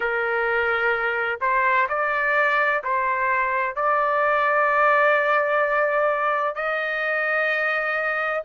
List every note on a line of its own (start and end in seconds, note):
0.00 1.39 A#4
1.41 1.87 C5
1.88 2.82 D5
2.83 3.75 C5
3.75 6.55 D5
6.55 8.42 D#5